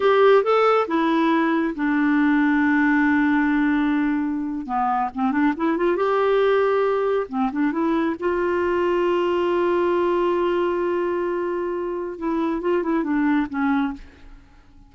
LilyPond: \new Staff \with { instrumentName = "clarinet" } { \time 4/4 \tempo 4 = 138 g'4 a'4 e'2 | d'1~ | d'2~ d'8. b4 c'16~ | c'16 d'8 e'8 f'8 g'2~ g'16~ |
g'8. c'8 d'8 e'4 f'4~ f'16~ | f'1~ | f'1 | e'4 f'8 e'8 d'4 cis'4 | }